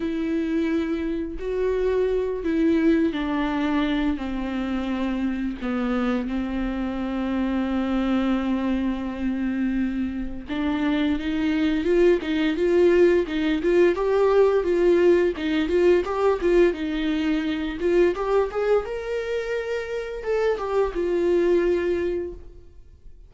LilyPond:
\new Staff \with { instrumentName = "viola" } { \time 4/4 \tempo 4 = 86 e'2 fis'4. e'8~ | e'8 d'4. c'2 | b4 c'2.~ | c'2. d'4 |
dis'4 f'8 dis'8 f'4 dis'8 f'8 | g'4 f'4 dis'8 f'8 g'8 f'8 | dis'4. f'8 g'8 gis'8 ais'4~ | ais'4 a'8 g'8 f'2 | }